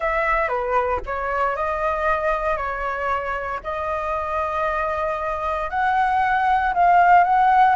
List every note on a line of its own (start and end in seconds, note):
0.00 0.48 E5
0.48 1.00 B4
1.06 1.56 C#5
1.56 2.56 D#5
2.56 3.60 C#5
3.63 5.70 D#5
5.70 6.73 F#5
6.74 7.24 F5
7.24 7.75 F#5